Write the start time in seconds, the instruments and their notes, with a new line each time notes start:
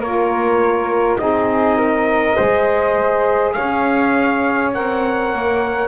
0.00 double bass A#3, saxophone F4, flute A#4, trumpet C#5
1.18 double bass C4, saxophone D#4, flute G#4, trumpet D#5
1.77 flute A#4
2.36 double bass G#3, saxophone G#4, flute C5
3.53 double bass C#4, flute C#5, trumpet F5
4.74 double bass C4, saxophone A#4, trumpet F#5
5.33 double bass A#3